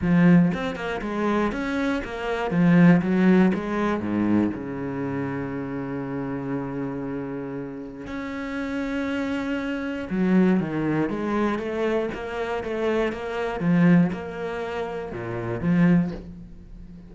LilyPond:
\new Staff \with { instrumentName = "cello" } { \time 4/4 \tempo 4 = 119 f4 c'8 ais8 gis4 cis'4 | ais4 f4 fis4 gis4 | gis,4 cis2.~ | cis1 |
cis'1 | fis4 dis4 gis4 a4 | ais4 a4 ais4 f4 | ais2 ais,4 f4 | }